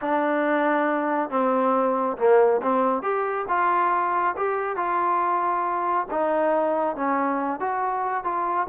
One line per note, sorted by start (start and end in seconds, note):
0.01 1.30 D4
1.30 2.17 C4
2.17 2.61 A#3
2.62 3.02 C4
3.02 3.45 G4
3.48 4.35 F4
4.37 4.76 G4
4.76 6.07 F4
6.10 6.96 D#4
6.96 7.60 C#4
7.60 8.24 F#4
8.24 8.67 F4